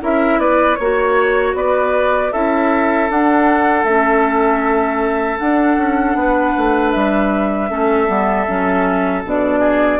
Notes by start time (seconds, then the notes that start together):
0.00 C#4 E4 A#4 E5
0.38 B3 B4 D5
0.75 A#3 C#5
0.82 F#4
1.54 B3 B4 D5
2.33 C#4 E4 A4 E5
3.10 D4 F#5
3.84 A3 C#4 E5
5.39 D4 F#5
5.78 C#4
6.15 B3 B4
6.57 A3
6.91 G3 E5
7.69 A3 C#4 A4
8.07 G3 B3
8.47 F#3 C#4
9.25 B2 D4 D5
9.60 G#4